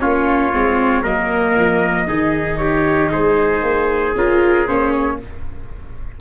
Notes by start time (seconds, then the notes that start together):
0.00 A#3 C#4 F4 C#5
0.53 G#3 C4
1.03 F#3 A#3 A#4 D#5
1.56 F3
2.07 D#3 D#4 G#4
2.58 G4 C#5
3.11 G#3 G#4 C5
3.62 A#3
4.16 C#4 F4 A#4
4.67 A#3 C#4 C5
4.92 C#5